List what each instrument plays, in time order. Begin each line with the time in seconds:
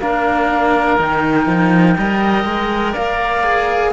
0.00 cello A#3 D4, oboe A#4, flute F5
0.98 cello D#3 D#4, flute G5
1.47 cello F3
1.98 cello G3 A#4, oboe D#5
2.45 cello G#3
2.92 cello A#3, oboe D5, flute F5
3.44 cello G#4